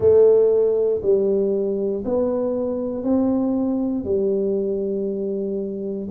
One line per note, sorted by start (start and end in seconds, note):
0.00 1.01 A3
1.02 2.03 G3
2.04 3.03 B3
3.03 4.04 C4
4.04 6.07 G3